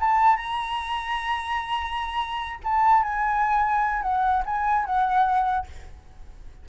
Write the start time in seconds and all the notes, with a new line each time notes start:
0.00 A5
0.36 A#5
2.63 A5
3.02 G#5
4.02 F#5
4.45 G#5
4.85 F#5